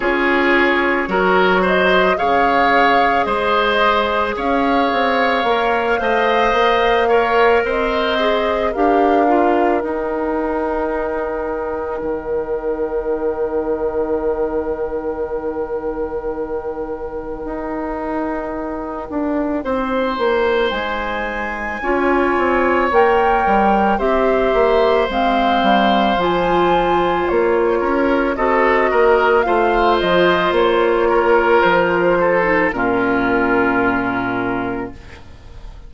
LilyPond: <<
  \new Staff \with { instrumentName = "flute" } { \time 4/4 \tempo 4 = 55 cis''4. dis''8 f''4 dis''4 | f''2. dis''4 | f''4 g''2.~ | g''1~ |
g''2. gis''4~ | gis''4 g''4 e''4 f''4 | gis''4 cis''4 dis''4 f''8 dis''8 | cis''4 c''4 ais'2 | }
  \new Staff \with { instrumentName = "oboe" } { \time 4/4 gis'4 ais'8 c''8 cis''4 c''4 | cis''4. dis''4 cis''8 c''4 | ais'1~ | ais'1~ |
ais'2 c''2 | cis''2 c''2~ | c''4. ais'8 a'8 ais'8 c''4~ | c''8 ais'4 a'8 f'2 | }
  \new Staff \with { instrumentName = "clarinet" } { \time 4/4 f'4 fis'4 gis'2~ | gis'4 ais'8 c''4 ais'4 gis'8 | g'8 f'8 dis'2.~ | dis'1~ |
dis'1 | f'4 ais'4 g'4 c'4 | f'2 fis'4 f'4~ | f'4.~ f'16 dis'16 cis'2 | }
  \new Staff \with { instrumentName = "bassoon" } { \time 4/4 cis'4 fis4 cis4 gis4 | cis'8 c'8 ais8 a8 ais4 c'4 | d'4 dis'2 dis4~ | dis1 |
dis'4. d'8 c'8 ais8 gis4 | cis'8 c'8 ais8 g8 c'8 ais8 gis8 g8 | f4 ais8 cis'8 c'8 ais8 a8 f8 | ais4 f4 ais,2 | }
>>